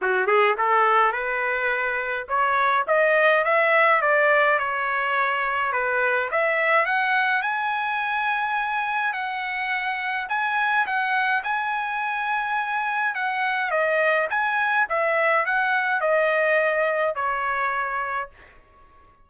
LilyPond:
\new Staff \with { instrumentName = "trumpet" } { \time 4/4 \tempo 4 = 105 fis'8 gis'8 a'4 b'2 | cis''4 dis''4 e''4 d''4 | cis''2 b'4 e''4 | fis''4 gis''2. |
fis''2 gis''4 fis''4 | gis''2. fis''4 | dis''4 gis''4 e''4 fis''4 | dis''2 cis''2 | }